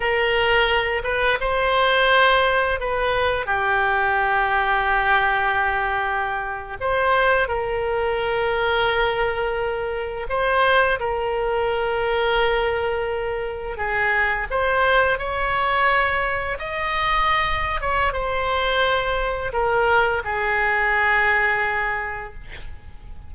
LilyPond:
\new Staff \with { instrumentName = "oboe" } { \time 4/4 \tempo 4 = 86 ais'4. b'8 c''2 | b'4 g'2.~ | g'4.~ g'16 c''4 ais'4~ ais'16~ | ais'2~ ais'8. c''4 ais'16~ |
ais'2.~ ais'8. gis'16~ | gis'8. c''4 cis''2 dis''16~ | dis''4. cis''8 c''2 | ais'4 gis'2. | }